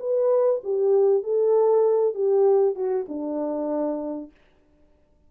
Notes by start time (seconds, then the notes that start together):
0.00 B4
0.64 G4
1.24 A4
2.15 G4
2.76 F#4
3.09 D4